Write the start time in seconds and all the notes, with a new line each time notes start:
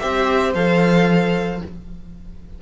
0.00 C4 G4 C5 E5
0.55 F3 A4 F5